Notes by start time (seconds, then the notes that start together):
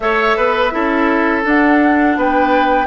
0.00 A3 A4 C#5 E5
0.36 B3 B4
0.71 C#4 E4 A4
1.42 D4 F#5
2.16 B3 B4 G5